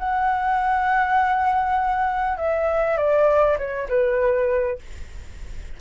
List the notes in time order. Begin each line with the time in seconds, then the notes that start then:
0.00 F#5
2.38 E5
2.98 D5
3.59 C#5
3.89 B4